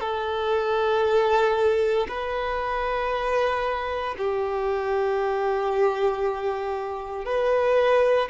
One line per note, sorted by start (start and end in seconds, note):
0.00 2.07 A4
2.08 4.15 B4
4.18 7.25 G4
7.25 8.29 B4